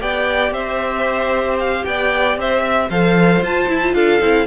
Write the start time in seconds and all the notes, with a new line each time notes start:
0.00 B3 G4 D5 G5
0.51 C4 C5 E5
1.60 F5
1.85 B3 D5 G5
2.37 C4 C5 E5
2.61 E5
2.90 F3 A4 C5 F5
3.41 F4 A5
3.68 E4
3.82 F4
3.94 D4 A4 F5
4.21 C4 E4